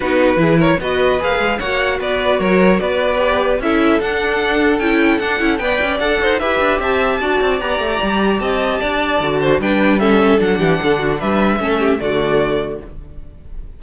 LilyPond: <<
  \new Staff \with { instrumentName = "violin" } { \time 4/4 \tempo 4 = 150 b'4. cis''8 dis''4 f''4 | fis''4 d''4 cis''4 d''4~ | d''4 e''4 fis''2 | g''4 fis''4 g''4 fis''4 |
e''4 a''2 ais''4~ | ais''4 a''2. | g''4 e''4 fis''2 | e''2 d''2 | }
  \new Staff \with { instrumentName = "violin" } { \time 4/4 fis'4 gis'8 ais'8 b'2 | cis''4 b'4 ais'4 b'4~ | b'4 a'2.~ | a'2 d''4. c''8 |
b'4 e''4 d''2~ | d''4 dis''4 d''4. c''8 | b'4 a'4. g'8 a'8 fis'8 | b'4 a'8 g'8 fis'2 | }
  \new Staff \with { instrumentName = "viola" } { \time 4/4 dis'4 e'4 fis'4 gis'4 | fis'1 | g'4 e'4 d'2 | e'4 d'8 e'8 b'4 a'4 |
g'2 fis'4 g'4~ | g'2. fis'4 | d'4 cis'4 d'2~ | d'4 cis'4 a2 | }
  \new Staff \with { instrumentName = "cello" } { \time 4/4 b4 e4 b4 ais8 gis8 | ais4 b4 fis4 b4~ | b4 cis'4 d'2 | cis'4 d'8 cis'8 b8 cis'8 d'8 dis'8 |
e'8 d'8 c'4 d'8 c'8 b8 a8 | g4 c'4 d'4 d4 | g2 fis8 e8 d4 | g4 a4 d2 | }
>>